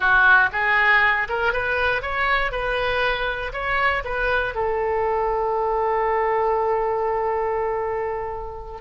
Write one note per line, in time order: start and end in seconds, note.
0.00 0.49 F#4
0.52 1.28 G#4
1.28 1.52 A#4
1.52 2.01 B4
2.01 2.51 C#5
2.51 3.52 B4
3.52 4.03 C#5
4.04 4.54 B4
4.54 8.81 A4